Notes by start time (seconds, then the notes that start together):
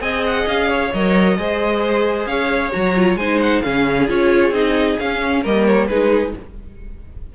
0.00 C4 G#4 D#5 G#5
0.26 F#5
0.46 C#4 F5
0.69 C#5
0.93 F#3 A#4 D#5
1.37 G#3 G#4 C5
2.25 C#4 C#5 F5
2.71 F#3 F#4 A#5
2.95 F4
3.15 G#3 D#4 C5 G#5
3.40 F#5
3.61 C#3 C#4 G#4 F5
4.08 C#4 F4 C#5
4.50 C4 D#4 D#5
4.99 C#4 F5
5.42 G3 A#3 A#4 D#5
5.65 C#5
5.87 G#3 D#4 G#4 B4